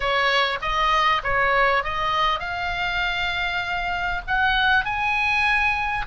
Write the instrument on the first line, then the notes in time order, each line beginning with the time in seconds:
oboe
0.00 C#5
0.61 D#5
1.23 C#5
1.83 D#5
2.39 F5
4.27 F#5
4.84 G#5